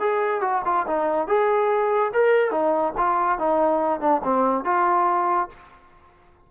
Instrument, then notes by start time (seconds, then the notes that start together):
trombone
0.00 G#4
0.41 F#4
0.65 F4
0.87 D#4
1.28 G#4
2.14 A#4
2.52 D#4
2.98 F4
3.39 D#4
4.01 D4
4.24 C4
4.65 F4